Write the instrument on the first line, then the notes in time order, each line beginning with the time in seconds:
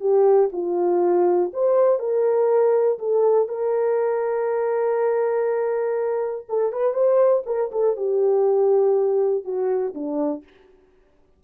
horn
0.00 G4
0.52 F4
1.53 C5
1.99 A#4
2.99 A4
3.48 A#4
6.49 A4
6.72 B4
6.94 C5
7.46 A#4
7.72 A4
7.97 G4
9.44 F#4
9.94 D4